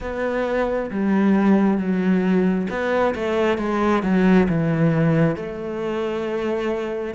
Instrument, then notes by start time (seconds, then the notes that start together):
cello
0.00 B3
0.90 G3
1.77 F#3
2.69 B3
3.15 A3
3.58 G#3
4.02 F#3
4.48 E3
5.35 A3